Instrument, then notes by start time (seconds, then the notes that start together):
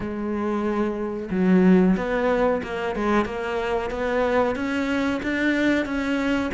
cello
0.00 G#3
1.30 F#3
1.97 B3
2.63 A#3
2.95 G#3
3.25 A#3
3.90 B3
4.55 C#4
5.23 D4
5.85 C#4